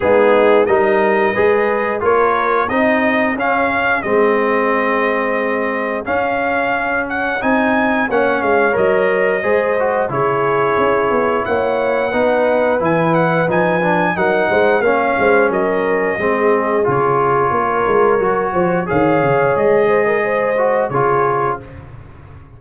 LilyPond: <<
  \new Staff \with { instrumentName = "trumpet" } { \time 4/4 \tempo 4 = 89 gis'4 dis''2 cis''4 | dis''4 f''4 dis''2~ | dis''4 f''4. fis''8 gis''4 | fis''8 f''8 dis''2 cis''4~ |
cis''4 fis''2 gis''8 fis''8 | gis''4 fis''4 f''4 dis''4~ | dis''4 cis''2. | f''4 dis''2 cis''4 | }
  \new Staff \with { instrumentName = "horn" } { \time 4/4 dis'4 ais'4 b'4 ais'4 | gis'1~ | gis'1 | cis''2 c''4 gis'4~ |
gis'4 cis''4 b'2~ | b'4 ais'8 c''8 cis''8 c''8 ais'4 | gis'2 ais'4. c''8 | cis''4. c''16 ais'16 c''4 gis'4 | }
  \new Staff \with { instrumentName = "trombone" } { \time 4/4 b4 dis'4 gis'4 f'4 | dis'4 cis'4 c'2~ | c'4 cis'2 dis'4 | cis'4 ais'4 gis'8 fis'8 e'4~ |
e'2 dis'4 e'4 | dis'8 d'8 dis'4 cis'2 | c'4 f'2 fis'4 | gis'2~ gis'8 fis'8 f'4 | }
  \new Staff \with { instrumentName = "tuba" } { \time 4/4 gis4 g4 gis4 ais4 | c'4 cis'4 gis2~ | gis4 cis'2 c'4 | ais8 gis8 fis4 gis4 cis4 |
cis'8 b8 ais4 b4 e4 | f4 fis8 gis8 ais8 gis8 fis4 | gis4 cis4 ais8 gis8 fis8 f8 | dis8 cis8 gis2 cis4 | }
>>